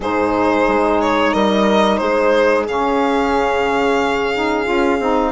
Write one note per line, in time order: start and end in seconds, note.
0.00 0.65 G#2
0.00 2.67 D#4
0.00 1.32 G#4
0.00 1.00 C5
0.67 1.34 G#3
1.00 1.33 C#5
1.32 2.00 G3
1.32 1.99 A#4
1.32 1.97 D#5
1.97 2.67 G#3
1.97 5.31 G#4
1.97 2.64 C5
2.67 4.67 C#3
2.67 4.33 C#4
2.67 5.31 F5
4.33 4.64 D#4
4.64 4.99 C#4
4.64 4.97 F4
4.99 5.31 C4
4.99 5.31 D#4